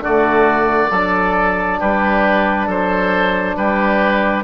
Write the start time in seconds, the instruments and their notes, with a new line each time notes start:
0.00 bassoon D3, trombone A3, oboe F#4 D5
0.91 bassoon F#3, trombone D4, oboe A4
1.79 bassoon G3, oboe G4 B4
2.67 bassoon F#3, oboe A4 C5
3.56 bassoon G3, oboe G4 B4